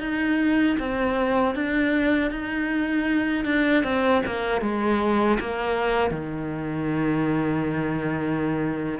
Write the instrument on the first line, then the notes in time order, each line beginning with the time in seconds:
cello
0.00 D#4
0.79 C4
1.55 D4
2.31 D#4
3.45 D4
3.84 C4
4.26 A#3
4.61 G#3
5.40 A#3
6.11 D#3